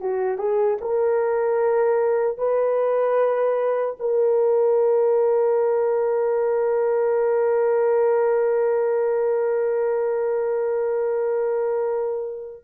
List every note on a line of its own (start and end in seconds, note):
0.00 0.38 F#4
0.38 0.78 G#4
0.81 2.38 A#4
2.38 3.95 B4
3.99 12.64 A#4